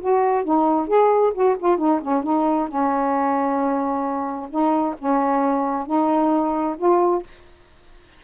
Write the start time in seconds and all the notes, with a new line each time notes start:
0.00 F#4
0.44 D#4
0.87 G#4
1.33 F#4
1.58 F4
1.77 D#4
2.01 C#4
2.23 D#4
2.68 C#4
4.49 D#4
4.98 C#4
5.86 D#4
6.77 F4